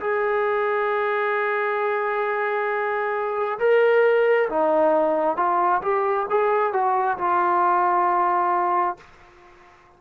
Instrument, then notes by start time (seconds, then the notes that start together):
trombone
0.00 G#4
3.59 A#4
4.49 D#4
5.36 F4
5.82 G4
6.30 G#4
6.72 F#4
7.18 F4